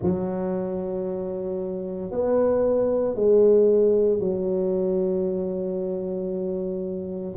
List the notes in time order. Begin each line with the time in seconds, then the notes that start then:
0.02 F#3
2.11 B3
3.15 G#3
4.19 F#3